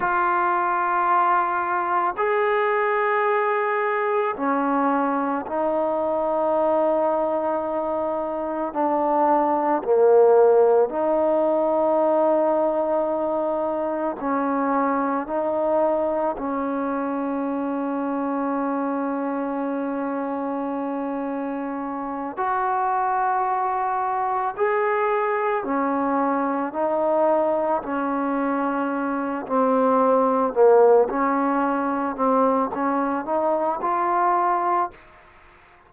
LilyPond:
\new Staff \with { instrumentName = "trombone" } { \time 4/4 \tempo 4 = 55 f'2 gis'2 | cis'4 dis'2. | d'4 ais4 dis'2~ | dis'4 cis'4 dis'4 cis'4~ |
cis'1~ | cis'8 fis'2 gis'4 cis'8~ | cis'8 dis'4 cis'4. c'4 | ais8 cis'4 c'8 cis'8 dis'8 f'4 | }